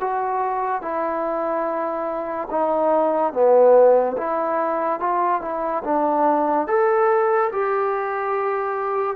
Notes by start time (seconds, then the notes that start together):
0.00 F#4
0.81 E4
2.50 D#4
3.33 B3
4.17 E4
4.99 F4
5.41 E4
5.84 D4
6.67 A4
7.52 G4